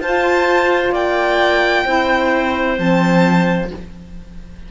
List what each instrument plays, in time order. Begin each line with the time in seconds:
0.00 cello F4, saxophone F4, clarinet C5, violin A5
0.92 cello A#3, clarinet D5, violin G5
1.85 cello C4, saxophone E4, clarinet C5
2.77 cello F3, saxophone C4, violin A5